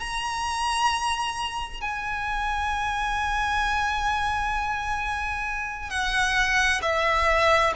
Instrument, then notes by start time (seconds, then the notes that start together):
violin
0.00 A#5
1.81 G#5
5.90 F#5
6.82 E5